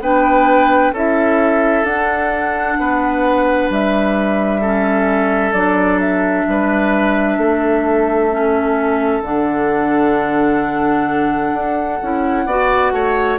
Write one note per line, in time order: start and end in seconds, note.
0.00 0.92 B3
0.00 0.95 D4
0.00 0.93 B4
0.00 0.95 G5
0.92 1.84 C#4
0.92 1.87 E4
0.92 2.78 A4
0.92 1.85 E5
1.84 2.76 D4
1.84 4.62 D4
1.84 3.70 F#5
2.79 3.70 B3
2.79 4.61 B4
3.70 5.53 G3
3.70 5.53 E5
4.61 5.54 C#4
4.61 6.46 A4
5.53 6.45 F#3
5.53 8.31 D4
5.53 5.99 D5
6.00 9.23 E5
6.47 7.37 G3
6.47 7.38 B4
7.37 9.21 A3
7.37 12.46 A4
8.31 9.23 C#4
9.21 11.52 D3
9.21 12.00 D4
9.21 13.39 F#5
11.54 12.00 D4
12.02 12.46 C#4
12.02 12.49 E4
12.46 12.92 B3
12.46 13.39 F#4
12.46 12.93 D5
12.92 13.38 A3
12.92 13.39 C#5